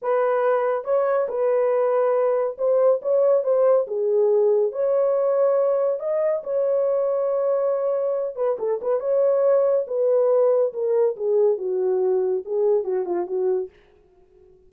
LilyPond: \new Staff \with { instrumentName = "horn" } { \time 4/4 \tempo 4 = 140 b'2 cis''4 b'4~ | b'2 c''4 cis''4 | c''4 gis'2 cis''4~ | cis''2 dis''4 cis''4~ |
cis''2.~ cis''8 b'8 | a'8 b'8 cis''2 b'4~ | b'4 ais'4 gis'4 fis'4~ | fis'4 gis'4 fis'8 f'8 fis'4 | }